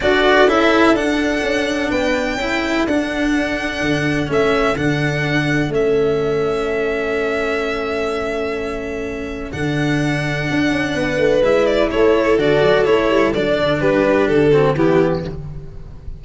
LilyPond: <<
  \new Staff \with { instrumentName = "violin" } { \time 4/4 \tempo 4 = 126 d''4 e''4 fis''2 | g''2 fis''2~ | fis''4 e''4 fis''2 | e''1~ |
e''1 | fis''1 | e''8 d''8 cis''4 d''4 cis''4 | d''4 b'4 a'4 g'4 | }
  \new Staff \with { instrumentName = "violin" } { \time 4/4 a'1 | b'4 a'2.~ | a'1~ | a'1~ |
a'1~ | a'2. b'4~ | b'4 a'2.~ | a'4 g'4. fis'8 e'4 | }
  \new Staff \with { instrumentName = "cello" } { \time 4/4 fis'4 e'4 d'2~ | d'4 e'4 d'2~ | d'4 cis'4 d'2 | cis'1~ |
cis'1 | d'1 | e'2 fis'4 e'4 | d'2~ d'8 c'8 b4 | }
  \new Staff \with { instrumentName = "tuba" } { \time 4/4 d'4 cis'4 d'4 cis'4 | b4 cis'4 d'2 | d4 a4 d2 | a1~ |
a1 | d2 d'8 cis'8 b8 a8 | gis4 a4 d8 fis8 a8 g8 | fis8 d8 g4 d4 e4 | }
>>